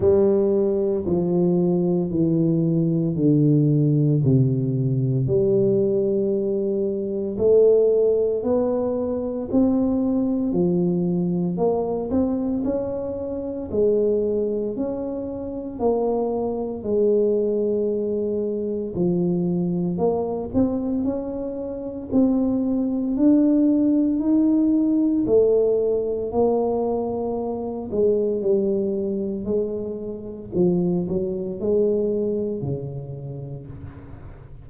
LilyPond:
\new Staff \with { instrumentName = "tuba" } { \time 4/4 \tempo 4 = 57 g4 f4 e4 d4 | c4 g2 a4 | b4 c'4 f4 ais8 c'8 | cis'4 gis4 cis'4 ais4 |
gis2 f4 ais8 c'8 | cis'4 c'4 d'4 dis'4 | a4 ais4. gis8 g4 | gis4 f8 fis8 gis4 cis4 | }